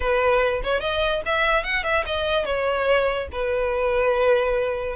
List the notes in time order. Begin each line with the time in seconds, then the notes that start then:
0.00 B4
0.63 C#5
0.80 D#5
1.25 E5
1.63 F#5
1.83 E5
2.06 D#5
2.45 C#5
3.32 B4